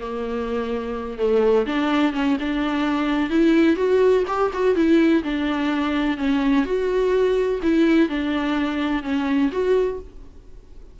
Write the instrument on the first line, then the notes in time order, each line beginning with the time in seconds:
viola
0.00 A#3
1.18 A3
1.66 D4
2.13 C#4
2.39 D4
3.29 E4
3.76 F#4
4.27 G4
4.53 F#4
4.75 E4
5.23 D4
6.17 C#4
6.65 F#4
7.63 E4
8.09 D4
9.03 C#4
9.52 F#4